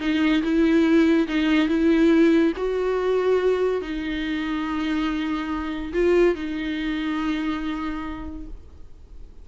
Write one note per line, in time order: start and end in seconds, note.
0.00 0.42 D#4
0.43 1.27 E4
1.28 1.68 D#4
1.68 2.53 E4
2.57 3.81 F#4
3.81 5.93 D#4
5.93 6.35 F4
6.35 8.47 D#4